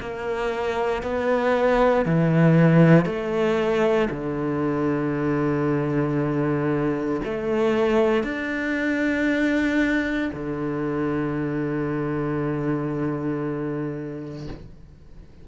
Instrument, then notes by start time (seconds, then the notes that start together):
cello
0.00 A#3
1.03 B3
2.05 E3
3.05 A3
4.11 D3
7.25 A3
8.24 D4
10.34 D3